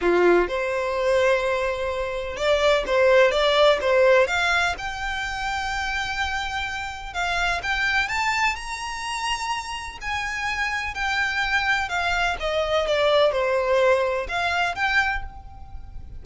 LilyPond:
\new Staff \with { instrumentName = "violin" } { \time 4/4 \tempo 4 = 126 f'4 c''2.~ | c''4 d''4 c''4 d''4 | c''4 f''4 g''2~ | g''2. f''4 |
g''4 a''4 ais''2~ | ais''4 gis''2 g''4~ | g''4 f''4 dis''4 d''4 | c''2 f''4 g''4 | }